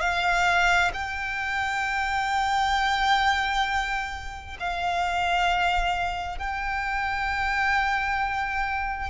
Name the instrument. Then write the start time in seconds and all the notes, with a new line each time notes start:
violin
0.00 F5
0.93 G5
4.60 F5
6.38 G5